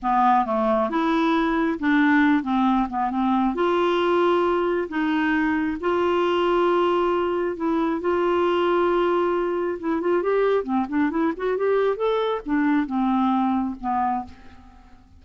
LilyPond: \new Staff \with { instrumentName = "clarinet" } { \time 4/4 \tempo 4 = 135 b4 a4 e'2 | d'4. c'4 b8 c'4 | f'2. dis'4~ | dis'4 f'2.~ |
f'4 e'4 f'2~ | f'2 e'8 f'8 g'4 | c'8 d'8 e'8 fis'8 g'4 a'4 | d'4 c'2 b4 | }